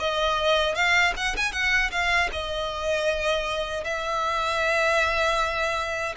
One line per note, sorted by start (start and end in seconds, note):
0.00 0.76 D#5
0.76 1.14 F5
1.17 1.36 F#5
1.37 1.53 G#5
1.53 1.91 F#5
1.92 2.30 F5
2.33 3.85 D#5
3.85 6.15 E5